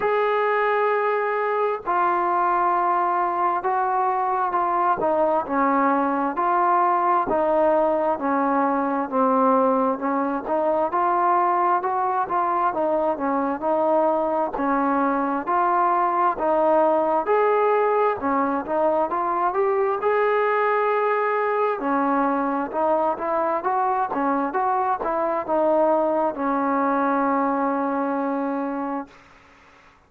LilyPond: \new Staff \with { instrumentName = "trombone" } { \time 4/4 \tempo 4 = 66 gis'2 f'2 | fis'4 f'8 dis'8 cis'4 f'4 | dis'4 cis'4 c'4 cis'8 dis'8 | f'4 fis'8 f'8 dis'8 cis'8 dis'4 |
cis'4 f'4 dis'4 gis'4 | cis'8 dis'8 f'8 g'8 gis'2 | cis'4 dis'8 e'8 fis'8 cis'8 fis'8 e'8 | dis'4 cis'2. | }